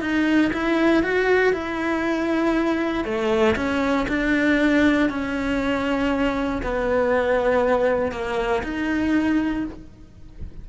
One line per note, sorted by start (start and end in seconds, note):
0.00 0.51 D#4
0.53 1.02 E4
1.02 1.53 F#4
1.53 3.04 E4
3.04 3.55 A3
3.55 4.06 C#4
4.08 5.09 D4
5.09 6.61 C#4
6.62 8.11 B3
8.11 8.62 A#3
8.63 9.64 D#4